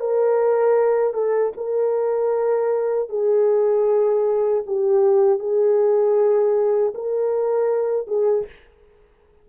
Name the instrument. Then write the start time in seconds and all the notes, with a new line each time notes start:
horn
0.00 A#4
1.14 A4
1.57 A#4
3.09 G#4
4.66 G4
5.39 G#4
6.94 A#4
8.07 G#4